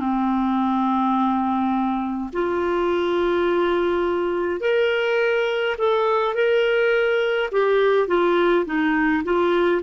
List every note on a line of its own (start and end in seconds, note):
0.00 2.31 C4
2.33 4.61 F4
4.61 5.76 A#4
5.78 6.35 A4
6.35 7.50 A#4
7.52 8.08 G4
8.08 8.66 F4
8.66 9.24 D#4
9.24 9.82 F4